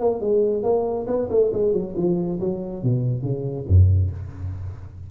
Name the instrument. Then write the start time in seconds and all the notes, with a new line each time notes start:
tuba
0.00 A#3
0.20 G#3
0.63 A#3
1.06 B3
1.29 A3
1.52 G#3
1.72 F#3
1.96 F3
2.39 F#3
2.82 B2
3.22 C#3
3.67 F#2